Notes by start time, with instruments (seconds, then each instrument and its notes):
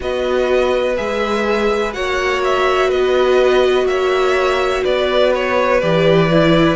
0.00 cello B3, viola F#4, violin B4 D#5
0.96 cello G#3, viola G#4, violin E5
1.93 cello A#3, viola F#4, violin C#5 F#5
2.44 violin E5
2.87 cello B3, violin B4 D#5
3.85 cello A#3, violin C#5 E5
4.83 cello B3, violin B4 D5
5.34 violin C#5
5.80 cello E3, viola G4, violin D5
6.30 viola E4